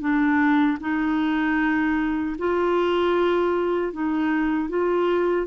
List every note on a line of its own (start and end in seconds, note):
0.00 0.78 D4
0.80 2.36 D#4
2.38 3.92 F4
3.92 4.69 D#4
4.69 5.47 F4